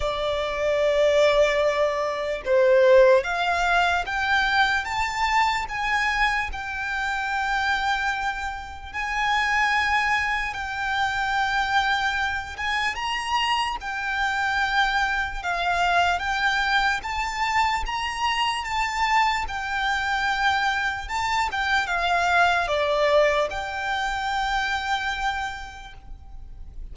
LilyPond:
\new Staff \with { instrumentName = "violin" } { \time 4/4 \tempo 4 = 74 d''2. c''4 | f''4 g''4 a''4 gis''4 | g''2. gis''4~ | gis''4 g''2~ g''8 gis''8 |
ais''4 g''2 f''4 | g''4 a''4 ais''4 a''4 | g''2 a''8 g''8 f''4 | d''4 g''2. | }